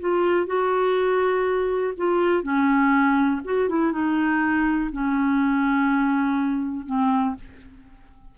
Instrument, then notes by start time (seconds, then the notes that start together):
clarinet
0.00 F4
0.46 F#4
1.98 F4
2.43 C#4
3.45 F#4
3.69 E4
3.92 D#4
4.92 C#4
6.86 C4